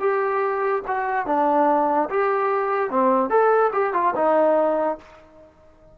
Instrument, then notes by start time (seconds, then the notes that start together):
trombone
0.00 G4
0.87 F#4
1.26 D4
2.10 G4
2.90 C4
3.30 A4
3.73 G4
3.94 F4
4.16 D#4